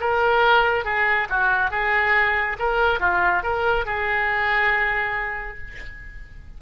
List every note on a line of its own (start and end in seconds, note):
0.00 0.84 A#4
0.84 1.28 G#4
1.29 1.71 F#4
1.71 2.57 G#4
2.58 3.00 A#4
3.00 3.43 F4
3.43 3.85 A#4
3.85 5.58 G#4